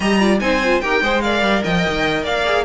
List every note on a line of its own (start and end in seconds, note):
0.00 0.40 G3
0.00 0.19 G4
0.00 0.20 D#5
0.00 0.38 A#5
0.20 0.39 F4
0.20 0.41 D5
0.39 0.81 C4
0.39 0.60 D#4
0.39 0.82 C5
0.39 0.80 G#5
0.64 0.83 F4
0.80 1.01 D#4
0.80 1.03 G4
0.80 1.03 A#4
0.80 1.21 G5
1.01 1.41 G#3
1.01 1.23 G#4
1.01 1.23 C5
1.21 2.45 A#4
1.21 1.63 D5
1.21 1.62 F5
1.41 1.62 G3
1.63 1.86 F3
1.63 2.23 D#5
1.63 2.25 G5
1.87 2.25 D#3
2.23 2.64 A#3
2.23 2.64 D5
2.23 2.64 F5
2.45 2.64 G#4